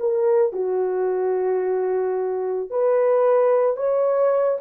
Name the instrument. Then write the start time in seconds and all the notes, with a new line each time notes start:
horn
0.00 A#4
0.53 F#4
2.70 B4
3.77 C#5